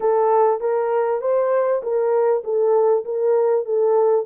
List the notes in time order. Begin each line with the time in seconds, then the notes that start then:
0.00 A4
0.60 A#4
1.21 C5
1.82 A#4
2.44 A4
3.05 A#4
3.65 A4